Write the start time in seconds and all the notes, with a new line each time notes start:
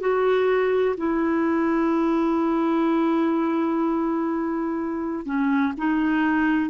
0.00 F#4
0.97 E4
5.25 C#4
5.77 D#4